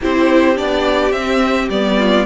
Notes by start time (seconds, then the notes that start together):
0.01 C4 E4 G4 C5
0.55 B3 D4 D5
1.11 C4 E5
1.69 G3 B3 D5
1.98 F4